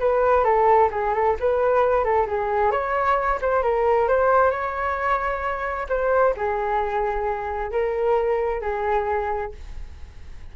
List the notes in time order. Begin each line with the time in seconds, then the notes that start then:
0.00 B4
0.44 A4
0.91 G#4
1.14 A4
1.40 B4
2.04 A4
2.27 G#4
2.71 C#5
3.42 C5
3.63 A#4
4.08 C5
4.51 C#5
5.89 C5
6.37 G#4
7.72 A#4
8.61 G#4